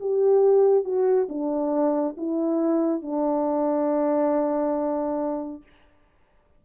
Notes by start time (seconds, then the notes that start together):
0.00 G4
0.84 F#4
1.29 D4
2.17 E4
3.02 D4